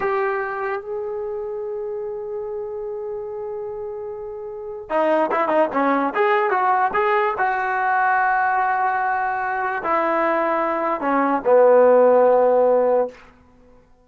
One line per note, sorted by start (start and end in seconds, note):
0.00 0.81 G4
0.81 4.89 G#4
4.89 5.30 D#4
5.31 5.48 E4
5.48 5.68 D#4
5.73 6.13 C#4
6.14 6.50 G#4
6.50 6.91 F#4
6.93 7.34 G#4
7.38 9.83 F#4
9.83 11.00 E4
11.00 11.41 C#4
11.44 13.07 B3